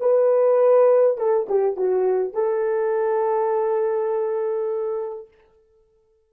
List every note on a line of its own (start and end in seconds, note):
0.00 1.18 B4
1.18 1.47 A4
1.49 1.76 G4
1.76 2.34 F#4
2.34 5.28 A4